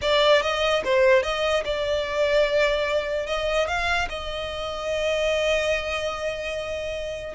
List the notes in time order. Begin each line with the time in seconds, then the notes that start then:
0.01 D5
0.42 D#5
0.84 C5
1.22 D#5
1.64 D5
3.26 D#5
3.67 F5
4.09 D#5